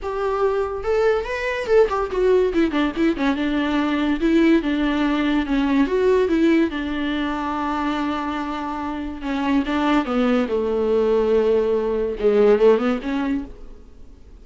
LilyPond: \new Staff \with { instrumentName = "viola" } { \time 4/4 \tempo 4 = 143 g'2 a'4 b'4 | a'8 g'8 fis'4 e'8 d'8 e'8 cis'8 | d'2 e'4 d'4~ | d'4 cis'4 fis'4 e'4 |
d'1~ | d'2 cis'4 d'4 | b4 a2.~ | a4 gis4 a8 b8 cis'4 | }